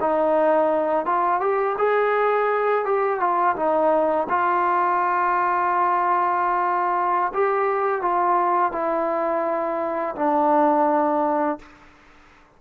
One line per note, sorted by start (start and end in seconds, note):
0.00 1.05 D#4
1.05 1.40 F4
1.40 1.76 G4
1.78 2.85 G#4
2.85 3.20 G4
3.20 3.56 F4
3.56 4.27 D#4
4.29 7.32 F4
7.33 8.01 G4
8.01 8.72 F4
8.72 10.15 E4
10.15 11.58 D4